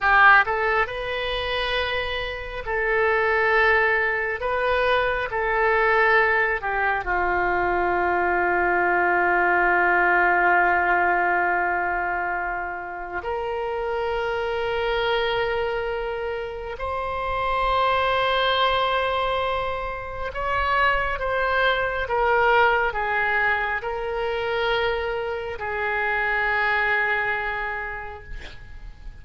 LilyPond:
\new Staff \with { instrumentName = "oboe" } { \time 4/4 \tempo 4 = 68 g'8 a'8 b'2 a'4~ | a'4 b'4 a'4. g'8 | f'1~ | f'2. ais'4~ |
ais'2. c''4~ | c''2. cis''4 | c''4 ais'4 gis'4 ais'4~ | ais'4 gis'2. | }